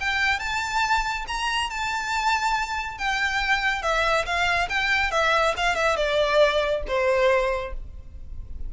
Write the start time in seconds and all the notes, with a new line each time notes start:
0.00 G5
0.39 A5
1.28 A#5
1.70 A5
2.98 G5
3.82 E5
4.26 F5
4.69 G5
5.11 E5
5.57 F5
5.75 E5
5.96 D5
6.87 C5